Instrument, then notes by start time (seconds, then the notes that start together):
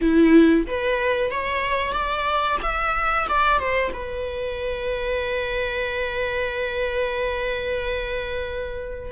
viola
0.01 E4
0.66 B4
1.30 C#5
1.92 D5
2.62 E5
3.28 D5
3.59 C5
3.93 B4